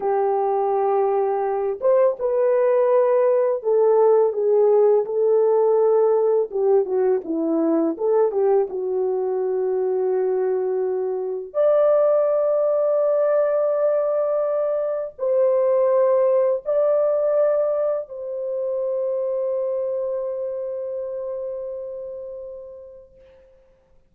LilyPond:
\new Staff \with { instrumentName = "horn" } { \time 4/4 \tempo 4 = 83 g'2~ g'8 c''8 b'4~ | b'4 a'4 gis'4 a'4~ | a'4 g'8 fis'8 e'4 a'8 g'8 | fis'1 |
d''1~ | d''4 c''2 d''4~ | d''4 c''2.~ | c''1 | }